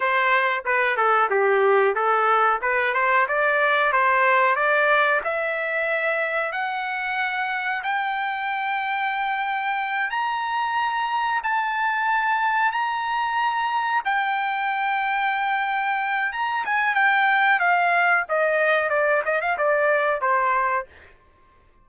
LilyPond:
\new Staff \with { instrumentName = "trumpet" } { \time 4/4 \tempo 4 = 92 c''4 b'8 a'8 g'4 a'4 | b'8 c''8 d''4 c''4 d''4 | e''2 fis''2 | g''2.~ g''8 ais''8~ |
ais''4. a''2 ais''8~ | ais''4. g''2~ g''8~ | g''4 ais''8 gis''8 g''4 f''4 | dis''4 d''8 dis''16 f''16 d''4 c''4 | }